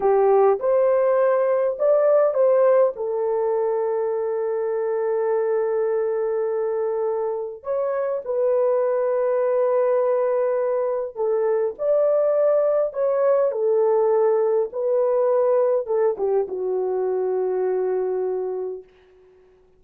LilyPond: \new Staff \with { instrumentName = "horn" } { \time 4/4 \tempo 4 = 102 g'4 c''2 d''4 | c''4 a'2.~ | a'1~ | a'4 cis''4 b'2~ |
b'2. a'4 | d''2 cis''4 a'4~ | a'4 b'2 a'8 g'8 | fis'1 | }